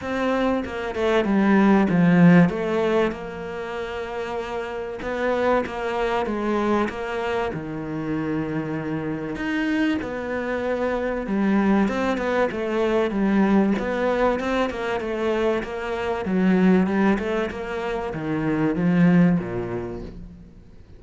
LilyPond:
\new Staff \with { instrumentName = "cello" } { \time 4/4 \tempo 4 = 96 c'4 ais8 a8 g4 f4 | a4 ais2. | b4 ais4 gis4 ais4 | dis2. dis'4 |
b2 g4 c'8 b8 | a4 g4 b4 c'8 ais8 | a4 ais4 fis4 g8 a8 | ais4 dis4 f4 ais,4 | }